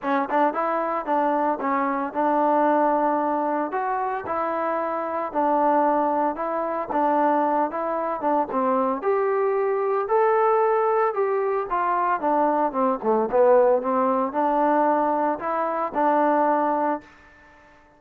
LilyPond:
\new Staff \with { instrumentName = "trombone" } { \time 4/4 \tempo 4 = 113 cis'8 d'8 e'4 d'4 cis'4 | d'2. fis'4 | e'2 d'2 | e'4 d'4. e'4 d'8 |
c'4 g'2 a'4~ | a'4 g'4 f'4 d'4 | c'8 a8 b4 c'4 d'4~ | d'4 e'4 d'2 | }